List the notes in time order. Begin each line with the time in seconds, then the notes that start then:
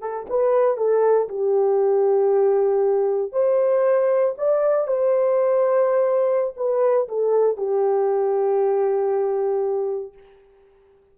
0.00 A4
0.29 B4
0.76 A4
1.28 G4
3.32 C5
4.37 D5
4.87 C5
6.56 B4
7.08 A4
7.56 G4